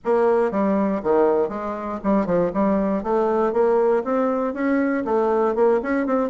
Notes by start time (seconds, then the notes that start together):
0.05 A#3
0.51 G3
1.03 D#3
1.48 G#3
2.03 G3
2.26 F3
2.53 G3
3.03 A3
3.52 A#3
4.03 C4
4.53 C#4
5.04 A3
5.55 A#3
5.82 C#4
6.06 C4